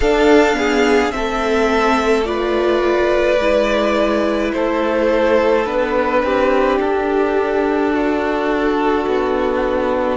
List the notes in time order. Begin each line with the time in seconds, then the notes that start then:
0.00 D4 A4 F5
0.53 B3 G#4
1.10 A3 C4 A4 E5
2.24 F4 B4 D5
3.38 G#3 E4
4.52 A3 A4 C5
5.65 B3 D4 B4
6.22 C4 G4
6.78 D4 A4
7.93 F#4
9.06 B3